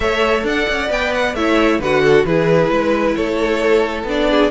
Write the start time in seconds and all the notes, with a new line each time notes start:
0.00 A3 A4 C#5 E5
0.43 D4 D5 F#5
0.69 C#4
0.87 B3 B4 G5
1.14 F#5
1.34 A3 E4 C#5 E5
1.79 D3 F#4 B4 F#5
2.03 A4
2.24 E3 E4 G#4 B4
2.70 G#3 B4
3.15 A3 A4 C#5
4.03 B3 D4 D5
4.29 G#4